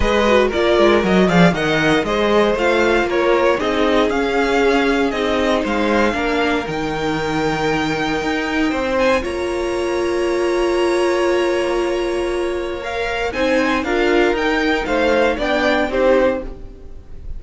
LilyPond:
<<
  \new Staff \with { instrumentName = "violin" } { \time 4/4 \tempo 4 = 117 dis''4 d''4 dis''8 f''8 fis''4 | dis''4 f''4 cis''4 dis''4 | f''2 dis''4 f''4~ | f''4 g''2.~ |
g''4. gis''8 ais''2~ | ais''1~ | ais''4 f''4 gis''4 f''4 | g''4 f''4 g''4 c''4 | }
  \new Staff \with { instrumentName = "violin" } { \time 4/4 b'4 ais'4. d''8 dis''4 | c''2 ais'4 gis'4~ | gis'2. c''4 | ais'1~ |
ais'4 c''4 cis''2~ | cis''1~ | cis''2 c''4 ais'4~ | ais'4 c''4 d''4 g'4 | }
  \new Staff \with { instrumentName = "viola" } { \time 4/4 gis'8 fis'8 f'4 fis'8 gis'8 ais'4 | gis'4 f'2 dis'4 | cis'2 dis'2 | d'4 dis'2.~ |
dis'2 f'2~ | f'1~ | f'4 ais'4 dis'4 f'4 | dis'2 d'4 dis'4 | }
  \new Staff \with { instrumentName = "cello" } { \time 4/4 gis4 ais8 gis8 fis8 f8 dis4 | gis4 a4 ais4 c'4 | cis'2 c'4 gis4 | ais4 dis2. |
dis'4 c'4 ais2~ | ais1~ | ais2 c'4 d'4 | dis'4 a4 b4 c'4 | }
>>